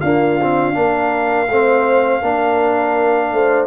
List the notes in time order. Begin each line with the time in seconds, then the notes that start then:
0.00 A#3 D4 F4 F5
0.42 C4
0.73 A#3 D4 A#4
1.49 A3 C4 C5
2.21 A#3 D4 A#4
3.32 A3 C5